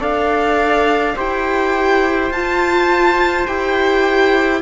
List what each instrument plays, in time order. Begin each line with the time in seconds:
0.00 cello D4, viola A4, trumpet D5, violin F5
1.16 cello E4, viola G4, trumpet C5, violin G5
2.31 cello F4, viola F4, violin A5
3.47 cello E4, viola G4, violin G5